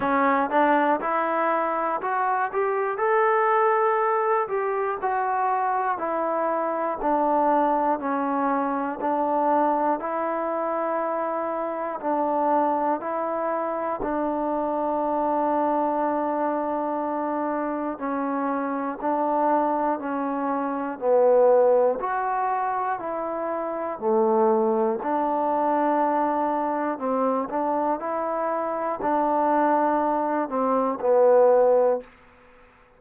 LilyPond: \new Staff \with { instrumentName = "trombone" } { \time 4/4 \tempo 4 = 60 cis'8 d'8 e'4 fis'8 g'8 a'4~ | a'8 g'8 fis'4 e'4 d'4 | cis'4 d'4 e'2 | d'4 e'4 d'2~ |
d'2 cis'4 d'4 | cis'4 b4 fis'4 e'4 | a4 d'2 c'8 d'8 | e'4 d'4. c'8 b4 | }